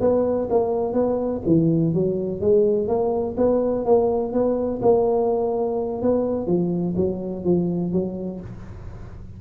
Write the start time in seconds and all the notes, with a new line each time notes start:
0.00 B3
0.50 A#3
0.93 B3
1.45 E3
1.94 F#3
2.40 G#3
2.87 A#3
3.37 B3
3.85 A#3
4.32 B3
4.82 A#3
6.01 B3
6.46 F3
6.96 F#3
7.44 F3
7.92 F#3